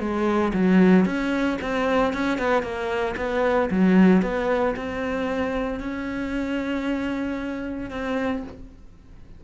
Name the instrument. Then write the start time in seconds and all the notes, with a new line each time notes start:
cello
0.00 G#3
0.54 F#3
1.06 C#4
1.62 C4
2.14 C#4
2.39 B3
2.63 A#3
3.17 B3
3.71 F#3
4.23 B3
4.77 C4
5.80 C#4
7.91 C4